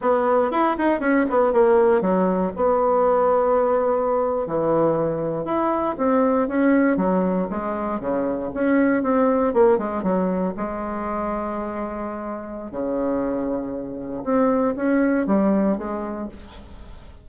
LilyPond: \new Staff \with { instrumentName = "bassoon" } { \time 4/4 \tempo 4 = 118 b4 e'8 dis'8 cis'8 b8 ais4 | fis4 b2.~ | b8. e2 e'4 c'16~ | c'8. cis'4 fis4 gis4 cis16~ |
cis8. cis'4 c'4 ais8 gis8 fis16~ | fis8. gis2.~ gis16~ | gis4 cis2. | c'4 cis'4 g4 gis4 | }